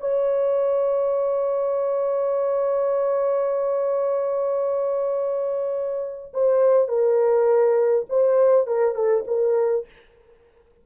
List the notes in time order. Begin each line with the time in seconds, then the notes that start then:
0.00 C#5
6.34 C5
6.88 A#4
8.09 C5
8.67 A#4
8.95 A4
9.27 A#4